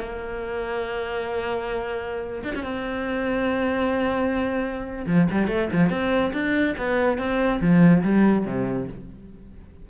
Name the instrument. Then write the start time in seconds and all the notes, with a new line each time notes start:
cello
0.00 A#3
2.44 D4
2.55 C#4
2.64 C4
5.07 F3
5.31 G3
5.48 A3
5.73 F3
5.90 C4
6.33 D4
6.78 B3
7.19 C4
7.61 F3
8.04 G3
8.46 C3